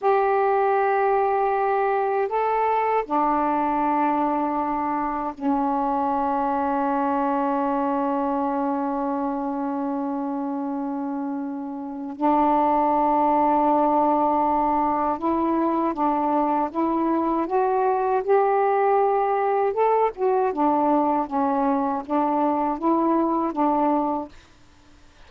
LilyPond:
\new Staff \with { instrumentName = "saxophone" } { \time 4/4 \tempo 4 = 79 g'2. a'4 | d'2. cis'4~ | cis'1~ | cis'1 |
d'1 | e'4 d'4 e'4 fis'4 | g'2 a'8 fis'8 d'4 | cis'4 d'4 e'4 d'4 | }